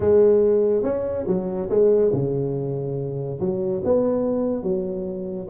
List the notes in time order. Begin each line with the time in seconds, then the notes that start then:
0.00 G#3
0.83 C#4
1.27 F#3
1.69 G#3
2.12 C#3
3.39 F#3
3.84 B3
4.62 F#3